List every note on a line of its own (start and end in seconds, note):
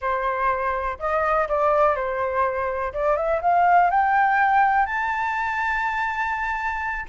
0.01 0.98 C5
0.99 1.47 D#5
1.48 1.95 D5
1.95 2.93 C5
2.93 3.16 D5
3.16 3.40 E5
3.41 3.90 F5
3.90 4.86 G5
4.86 7.05 A5